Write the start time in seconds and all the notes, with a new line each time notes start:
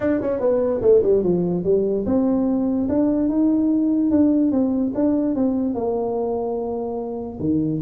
0.00 D4
0.21 C#4
0.40 B3
0.81 A3
1.02 G3
1.23 F3
1.64 G3
2.05 C4
2.88 D4
3.28 D#4
4.10 D4
4.51 C4
4.94 D4
5.35 C4
5.74 A#3
7.39 D#3